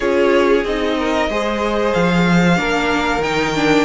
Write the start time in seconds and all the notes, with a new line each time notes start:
0.00 C#4 F4 G#4 C#5
0.63 C4 D#4 D#5
0.98 A#4
1.28 G#3 G#4 C5
1.93 F3 F5
2.56 A#3 D4 A#4
3.18 D#3 G5
3.24 D#4
3.55 D4